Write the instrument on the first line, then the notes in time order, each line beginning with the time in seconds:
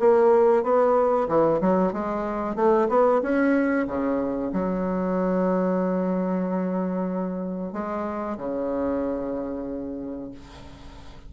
bassoon
0.00 A#3
0.64 B3
1.29 E3
1.61 F#3
1.93 G#3
2.56 A3
2.89 B3
3.23 C#4
3.88 C#3
4.53 F#3
7.73 G#3
8.38 C#3